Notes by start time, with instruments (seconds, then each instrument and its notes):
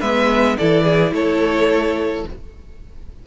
0.00 cello G#3, viola B3, violin B4 E5
0.57 cello E3, viola E4, violin A4 D5
0.84 violin G#4
1.12 cello A3, violin A4 C#5